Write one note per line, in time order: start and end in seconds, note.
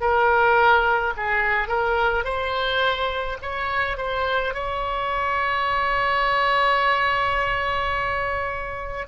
0.00 1.13 A#4
1.16 1.68 G#4
1.68 2.24 A#4
2.24 3.37 C5
3.42 3.97 C#5
3.97 4.53 C5
4.54 9.07 C#5